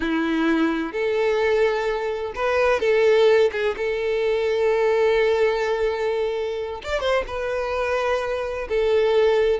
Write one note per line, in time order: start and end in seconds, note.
0.00 0.92 E4
0.92 2.33 A4
2.35 2.80 B4
2.80 3.50 A4
3.52 3.75 G#4
3.76 6.81 A4
6.83 7.00 D5
7.00 7.24 C5
7.27 8.67 B4
8.68 9.59 A4